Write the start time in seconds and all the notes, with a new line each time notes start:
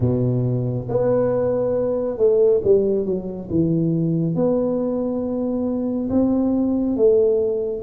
0.00 B2
0.89 B3
2.17 A3
2.64 G3
3.05 F#3
3.50 E3
4.35 B3
6.09 C4
6.96 A3